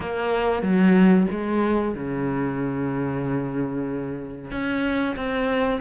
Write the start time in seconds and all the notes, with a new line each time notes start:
0.00 A#3
0.62 F#3
1.30 G#3
1.94 C#3
4.51 C#4
5.16 C4